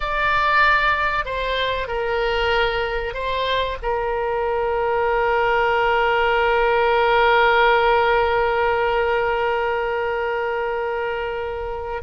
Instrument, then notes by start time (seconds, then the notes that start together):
oboe
0.00 D5
1.25 C5
1.87 A#4
3.13 C5
3.82 A#4